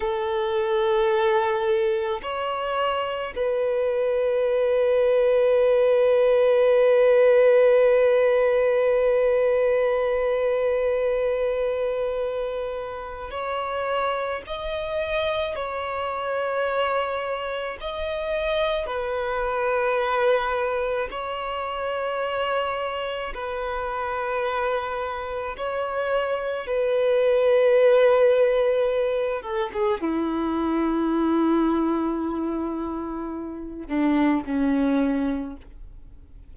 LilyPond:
\new Staff \with { instrumentName = "violin" } { \time 4/4 \tempo 4 = 54 a'2 cis''4 b'4~ | b'1~ | b'1 | cis''4 dis''4 cis''2 |
dis''4 b'2 cis''4~ | cis''4 b'2 cis''4 | b'2~ b'8 a'16 gis'16 e'4~ | e'2~ e'8 d'8 cis'4 | }